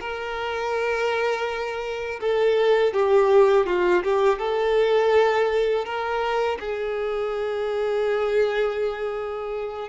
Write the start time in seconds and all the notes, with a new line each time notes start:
0.00 A#4
2.20 A4
2.92 G4
3.66 F4
4.03 G4
4.38 A4
5.84 A#4
6.60 G#4